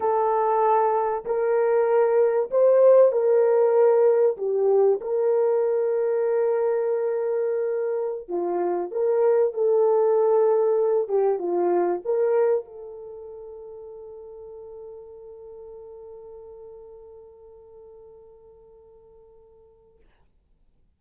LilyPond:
\new Staff \with { instrumentName = "horn" } { \time 4/4 \tempo 4 = 96 a'2 ais'2 | c''4 ais'2 g'4 | ais'1~ | ais'4~ ais'16 f'4 ais'4 a'8.~ |
a'4.~ a'16 g'8 f'4 ais'8.~ | ais'16 a'2.~ a'8.~ | a'1~ | a'1 | }